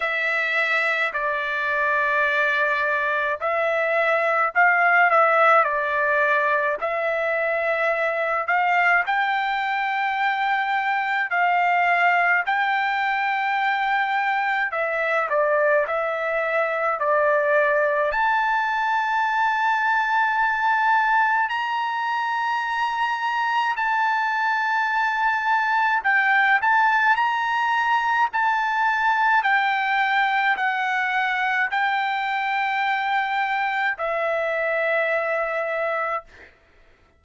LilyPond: \new Staff \with { instrumentName = "trumpet" } { \time 4/4 \tempo 4 = 53 e''4 d''2 e''4 | f''8 e''8 d''4 e''4. f''8 | g''2 f''4 g''4~ | g''4 e''8 d''8 e''4 d''4 |
a''2. ais''4~ | ais''4 a''2 g''8 a''8 | ais''4 a''4 g''4 fis''4 | g''2 e''2 | }